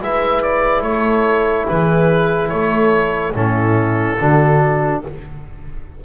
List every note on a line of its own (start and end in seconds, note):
0.00 0.81 G#3
0.00 3.33 E4
0.00 0.84 B4
0.00 0.42 E5
0.42 0.82 D5
0.81 1.64 A3
0.81 1.68 A4
0.81 1.65 C#5
1.68 2.51 E3
1.68 2.51 G#4
1.68 2.48 B4
2.48 3.34 A3
2.48 3.36 A4
2.48 3.32 C#5
3.34 4.17 A2
3.34 4.18 C#4
3.34 4.19 E4
3.34 5.02 A4
4.19 5.04 D3
4.19 5.04 D4
4.19 5.03 F#4